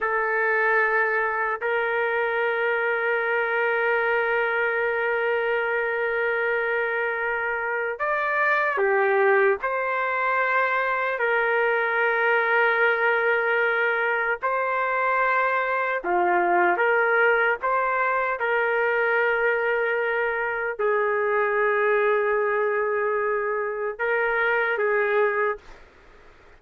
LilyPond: \new Staff \with { instrumentName = "trumpet" } { \time 4/4 \tempo 4 = 75 a'2 ais'2~ | ais'1~ | ais'2 d''4 g'4 | c''2 ais'2~ |
ais'2 c''2 | f'4 ais'4 c''4 ais'4~ | ais'2 gis'2~ | gis'2 ais'4 gis'4 | }